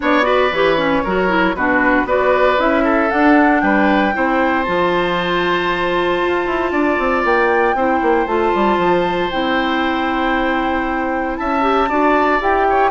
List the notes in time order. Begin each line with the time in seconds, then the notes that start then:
0.00 B3 D4 C#5 D5
0.22 F#4 B4
0.51 E3 G4 C#5
0.77 C#4
1.04 F#3 F#4 A#4
1.28 E4
1.55 B2 D4 F#4 B4
2.05 B3 F#4 B4 D5
2.57 C#4 E4 E5
2.84 A4
3.10 D4 F#5
3.60 G3 B4 G5
4.13 C4 E4 C5
4.63 F3 F4 A5
6.22 F4
6.46 E4
6.71 D4 D5
6.98 C4
7.24 A#3 G5
7.74 C4 E4 C5
8.01 A#3
8.26 A3 F4 A5
8.54 G3
8.77 F3
9.30 C4 E4 G5
11.36 C#4 E5 A5
11.61 G4
11.89 D4 F#4 D5
12.39 E4 G4 G5
12.69 C#5